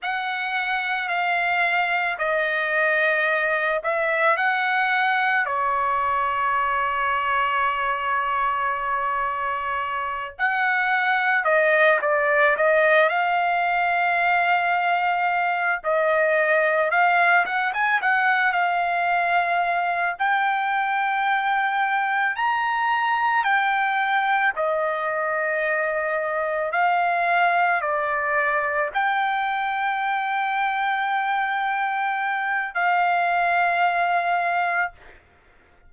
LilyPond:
\new Staff \with { instrumentName = "trumpet" } { \time 4/4 \tempo 4 = 55 fis''4 f''4 dis''4. e''8 | fis''4 cis''2.~ | cis''4. fis''4 dis''8 d''8 dis''8 | f''2~ f''8 dis''4 f''8 |
fis''16 gis''16 fis''8 f''4. g''4.~ | g''8 ais''4 g''4 dis''4.~ | dis''8 f''4 d''4 g''4.~ | g''2 f''2 | }